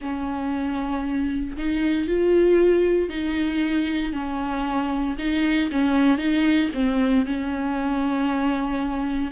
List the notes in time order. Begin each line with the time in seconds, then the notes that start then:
0.00 C#4
1.57 D#4
2.07 F4
3.09 D#4
4.12 C#4
5.18 D#4
5.71 C#4
6.17 D#4
6.73 C4
7.25 C#4